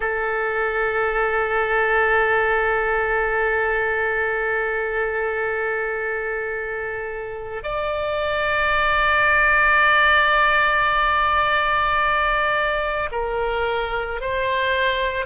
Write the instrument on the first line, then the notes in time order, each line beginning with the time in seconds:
oboe
0.00 A4
7.63 D5
13.11 A#4
14.21 C5